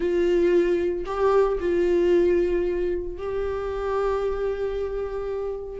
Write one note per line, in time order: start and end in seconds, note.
0.00 1.05 F4
1.05 1.58 G4
1.59 3.17 F4
3.17 5.79 G4